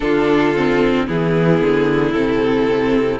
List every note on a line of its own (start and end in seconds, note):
0.00 1.08 D3
0.00 0.53 D4
0.00 1.07 F4
0.00 1.06 A4
0.56 1.07 C4
1.07 1.61 E3
1.07 2.14 B3
1.07 3.19 E4
1.07 2.12 G#4
1.61 2.14 D3
2.12 3.19 C3
2.12 3.19 C4
2.12 3.19 A4